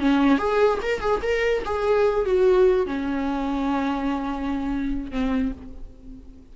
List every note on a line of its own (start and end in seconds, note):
0.00 0.38 C#4
0.38 0.79 G#4
0.83 1.00 A#4
1.00 1.21 G#4
1.23 1.64 A#4
1.66 2.26 G#4
2.26 2.87 F#4
2.87 5.11 C#4
5.11 5.52 C4